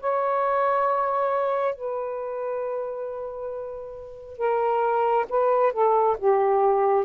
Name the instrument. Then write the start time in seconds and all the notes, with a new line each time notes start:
saxophone
0.00 C#5
1.75 B4
4.38 A#4
5.29 B4
5.73 A4
6.18 G4